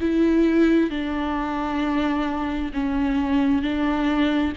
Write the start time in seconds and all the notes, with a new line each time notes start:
0.00 E4
0.90 D4
2.73 C#4
3.62 D4